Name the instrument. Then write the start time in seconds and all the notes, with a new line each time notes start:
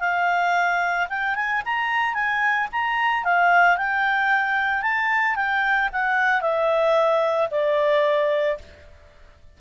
clarinet
0.00 F5
1.09 G5
1.35 G#5
1.65 A#5
2.14 G#5
2.72 A#5
3.24 F5
3.77 G5
4.82 A5
5.36 G5
5.92 F#5
6.41 E5
7.51 D5